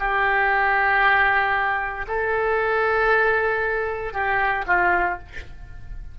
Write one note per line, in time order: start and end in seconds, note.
0.00 2.07 G4
2.08 4.14 A4
4.14 4.66 G4
4.67 5.19 F4